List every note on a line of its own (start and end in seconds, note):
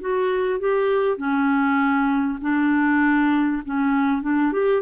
0.00 0.59 F#4
0.59 1.17 G4
1.17 2.39 C#4
2.41 3.62 D4
3.65 4.22 C#4
4.22 4.52 D4
4.52 4.82 G4